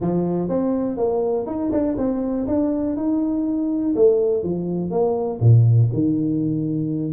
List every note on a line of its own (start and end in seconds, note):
0.00 0.49 F3
0.49 0.97 C4
0.97 1.46 A#3
1.46 1.71 D#4
1.71 1.96 D4
1.97 2.46 C4
2.47 2.96 D4
2.96 3.94 D#4
3.95 4.43 A3
4.43 4.90 F3
4.90 5.39 A#3
5.40 5.89 A#2
5.93 7.12 D#3